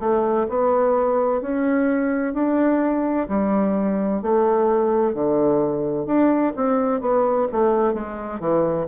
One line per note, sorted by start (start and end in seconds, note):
0.00 0.47 A3
0.49 1.41 B3
1.41 2.34 C#4
2.34 3.28 D4
3.29 4.22 G3
4.23 5.15 A3
5.15 6.06 D3
6.06 6.53 D4
6.56 7.01 C4
7.01 7.48 B3
7.53 7.94 A3
7.94 8.40 G#3
8.40 8.87 E3